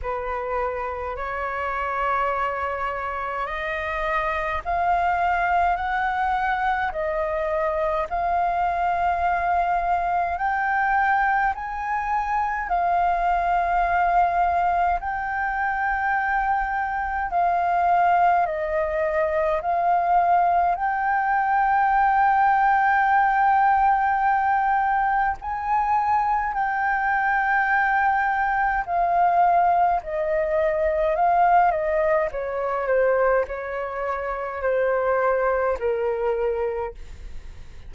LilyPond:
\new Staff \with { instrumentName = "flute" } { \time 4/4 \tempo 4 = 52 b'4 cis''2 dis''4 | f''4 fis''4 dis''4 f''4~ | f''4 g''4 gis''4 f''4~ | f''4 g''2 f''4 |
dis''4 f''4 g''2~ | g''2 gis''4 g''4~ | g''4 f''4 dis''4 f''8 dis''8 | cis''8 c''8 cis''4 c''4 ais'4 | }